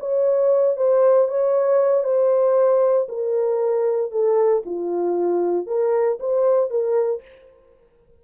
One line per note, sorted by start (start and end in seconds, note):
0.00 0.77 C#5
0.77 1.29 C5
1.29 2.04 C#5
2.04 3.08 C5
3.09 4.12 A#4
4.12 4.63 A4
4.66 5.67 F4
5.67 6.19 A#4
6.20 6.71 C5
6.71 7.22 A#4